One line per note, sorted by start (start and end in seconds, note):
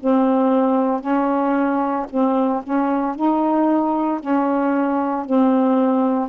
0.00 1.00 C4
1.00 2.06 C#4
2.10 2.63 C4
2.63 3.15 C#4
3.15 4.20 D#4
4.20 5.25 C#4
5.25 6.29 C4